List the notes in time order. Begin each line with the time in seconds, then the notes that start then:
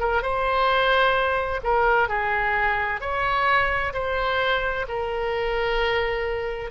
0.00 A#4
0.23 C5
1.64 A#4
2.09 G#4
3.01 C#5
3.94 C5
4.88 A#4